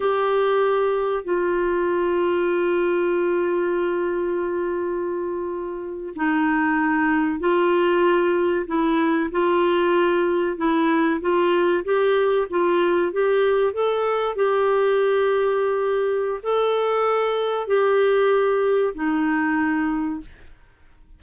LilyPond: \new Staff \with { instrumentName = "clarinet" } { \time 4/4 \tempo 4 = 95 g'2 f'2~ | f'1~ | f'4.~ f'16 dis'2 f'16~ | f'4.~ f'16 e'4 f'4~ f'16~ |
f'8. e'4 f'4 g'4 f'16~ | f'8. g'4 a'4 g'4~ g'16~ | g'2 a'2 | g'2 dis'2 | }